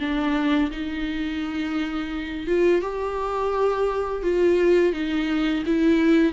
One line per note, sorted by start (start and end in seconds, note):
0.00 0.71 D4
0.71 2.47 D#4
2.47 2.81 F4
2.81 4.22 G4
4.23 4.93 F4
4.93 5.63 D#4
5.66 6.33 E4